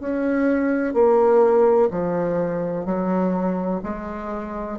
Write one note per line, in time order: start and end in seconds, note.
0.00 0.94 C#4
0.94 1.90 A#3
1.91 2.86 F3
2.86 3.81 F#3
3.84 4.79 G#3